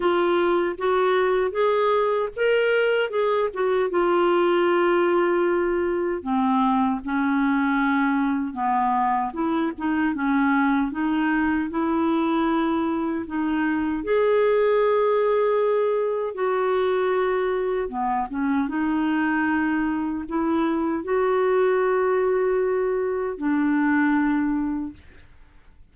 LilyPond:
\new Staff \with { instrumentName = "clarinet" } { \time 4/4 \tempo 4 = 77 f'4 fis'4 gis'4 ais'4 | gis'8 fis'8 f'2. | c'4 cis'2 b4 | e'8 dis'8 cis'4 dis'4 e'4~ |
e'4 dis'4 gis'2~ | gis'4 fis'2 b8 cis'8 | dis'2 e'4 fis'4~ | fis'2 d'2 | }